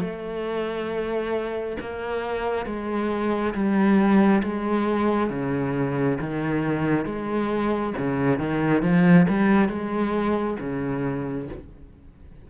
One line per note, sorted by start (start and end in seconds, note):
0.00 1.76 A3
1.80 2.66 A#3
2.66 3.54 G#3
3.54 4.42 G3
4.43 5.30 G#3
5.30 6.18 C#3
6.20 7.05 D#3
7.05 7.93 G#3
7.98 8.38 C#3
8.38 8.82 D#3
8.82 9.26 F3
9.28 9.68 G3
9.68 10.56 G#3
10.60 11.48 C#3